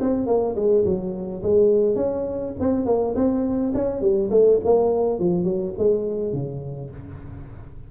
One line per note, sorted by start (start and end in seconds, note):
0.00 0.26 C4
0.26 0.55 A#3
0.55 0.84 G#3
0.84 1.42 F#3
1.43 1.95 G#3
1.95 2.53 C#4
2.60 2.85 C4
2.85 3.14 A#3
3.15 3.72 C4
3.74 4.01 C#4
4.01 4.30 G3
4.30 4.59 A3
4.64 5.19 A#3
5.19 5.44 F3
5.44 5.72 F#3
5.77 6.33 G#3
6.33 6.90 C#3